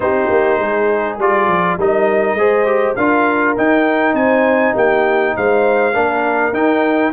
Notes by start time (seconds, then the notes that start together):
0.00 C4 D#4 G4 C5
0.30 A#3
0.59 G#3 G#4
1.17 G3 F4 D5
1.47 F3
1.77 G3 D#4 A#4 D#5
2.33 G#3 G#4 C5
2.65 G4
2.95 D4 F4 A#4 F5
3.57 D#4 G5
4.13 C4 C5 G#5
4.73 A#3 G4 G5
5.36 G#3 C5 F5
5.93 A#3 D4 A#4
6.53 D#4 G5